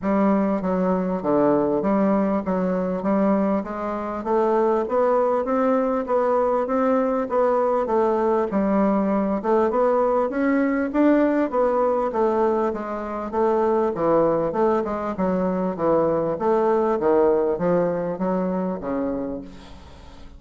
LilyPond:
\new Staff \with { instrumentName = "bassoon" } { \time 4/4 \tempo 4 = 99 g4 fis4 d4 g4 | fis4 g4 gis4 a4 | b4 c'4 b4 c'4 | b4 a4 g4. a8 |
b4 cis'4 d'4 b4 | a4 gis4 a4 e4 | a8 gis8 fis4 e4 a4 | dis4 f4 fis4 cis4 | }